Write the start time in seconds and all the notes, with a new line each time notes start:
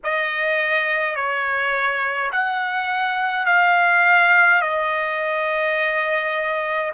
0.03 D#5
1.15 C#5
2.32 F#5
3.46 F5
4.62 D#5